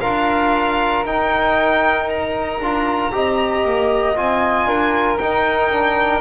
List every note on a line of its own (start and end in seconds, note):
0.00 1.05 D4
0.00 1.05 F4
0.00 3.11 A#4
0.00 1.03 F5
1.05 2.60 D#4
1.05 2.09 G5
2.09 4.16 A#5
2.60 3.12 D4
2.60 3.12 F4
3.12 3.64 C4
3.12 4.16 G4
3.12 4.67 D#5
3.64 4.16 A#3
4.16 4.66 C4
4.16 5.19 F4
4.16 5.18 G#5
4.66 5.17 D4
4.66 6.21 A#4
5.18 6.21 D#4
5.18 5.71 D#4
5.18 6.21 G5
5.71 6.21 D4